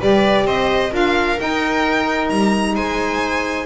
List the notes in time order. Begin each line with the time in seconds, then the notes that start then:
0.00 G3 G4 B4 D5
0.45 C4 C5 D#5
0.90 D4 F4 A#4 F5
1.37 D#4 G5
2.30 G3 A#5
2.75 G#3 C5 G#5